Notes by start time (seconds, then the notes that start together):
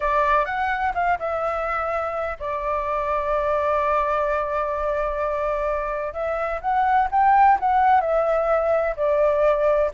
0.00 D5
0.45 F#5
0.94 F5
1.19 E5
2.39 D5
6.13 E5
6.61 F#5
7.11 G5
7.59 F#5
8.01 E5
8.96 D5